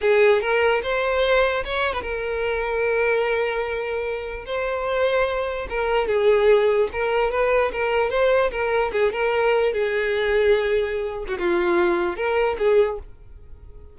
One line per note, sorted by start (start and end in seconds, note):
0.01 0.41 G#4
0.41 0.81 A#4
0.82 1.63 C5
1.64 1.93 C#5
1.93 2.02 B4
2.02 4.45 A#4
4.46 5.67 C5
5.69 6.07 A#4
6.07 6.88 G#4
6.92 7.31 A#4
7.31 7.71 B4
7.72 8.10 A#4
8.10 8.50 C5
8.51 8.91 A#4
8.92 9.12 G#4
9.12 9.73 A#4
9.73 11.25 G#4
11.27 11.38 F#4
11.38 12.16 F4
12.16 12.57 A#4
12.58 12.98 G#4